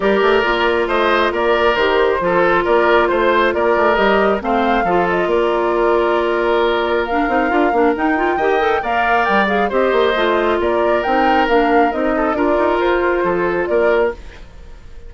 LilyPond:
<<
  \new Staff \with { instrumentName = "flute" } { \time 4/4 \tempo 4 = 136 d''2 dis''4 d''4 | c''2 d''4 c''4 | d''4 dis''4 f''4. dis''8 | d''1 |
f''2 g''2 | f''4 g''8 f''8 dis''2 | d''4 g''4 f''4 dis''4 | d''4 c''2 d''4 | }
  \new Staff \with { instrumentName = "oboe" } { \time 4/4 ais'2 c''4 ais'4~ | ais'4 a'4 ais'4 c''4 | ais'2 c''4 a'4 | ais'1~ |
ais'2. dis''4 | d''2 c''2 | ais'2.~ ais'8 a'8 | ais'2 a'4 ais'4 | }
  \new Staff \with { instrumentName = "clarinet" } { \time 4/4 g'4 f'2. | g'4 f'2.~ | f'4 g'4 c'4 f'4~ | f'1 |
d'8 dis'8 f'8 d'8 dis'8 f'8 g'8 a'8 | ais'4. gis'8 g'4 f'4~ | f'4 dis'4 d'4 dis'4 | f'1 | }
  \new Staff \with { instrumentName = "bassoon" } { \time 4/4 g8 a8 ais4 a4 ais4 | dis4 f4 ais4 a4 | ais8 a8 g4 a4 f4 | ais1~ |
ais8 c'8 d'8 ais8 dis'4 dis4 | ais4 g4 c'8 ais8 a4 | ais4 c'4 ais4 c'4 | d'8 dis'8 f'4 f4 ais4 | }
>>